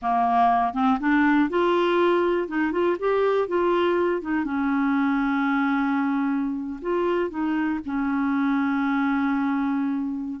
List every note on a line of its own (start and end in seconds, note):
0.02 0.73 A#3
0.73 0.98 C4
1.00 1.49 D4
1.49 2.48 F4
2.48 2.72 D#4
2.72 2.97 F4
2.99 3.47 G4
3.47 4.21 F4
4.21 4.44 D#4
4.44 6.79 C#4
6.81 7.29 F4
7.29 7.79 D#4
7.85 10.40 C#4